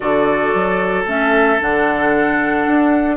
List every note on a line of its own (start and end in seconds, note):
0.00 0.54 D3
0.00 1.05 F#4
0.00 3.16 A4
0.00 1.03 D5
0.54 1.05 F#3
1.05 1.58 A3
1.05 1.59 C#4
1.05 1.61 E5
1.60 2.66 D3
1.60 3.16 D4
1.60 3.16 F#5
2.66 3.16 D4